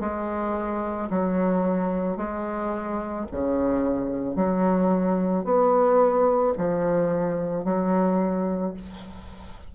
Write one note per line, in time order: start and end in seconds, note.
0.00 1.09 G#3
1.10 2.17 F#3
2.17 3.26 G#3
3.31 4.35 C#3
4.35 5.44 F#3
5.44 6.53 B3
6.58 7.64 F3
7.64 8.73 F#3